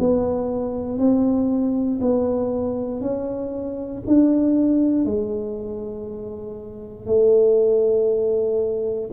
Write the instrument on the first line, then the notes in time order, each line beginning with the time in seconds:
tuba
0.00 B3
0.98 C4
2.02 B3
3.01 C#4
4.07 D4
5.05 G#3
7.07 A3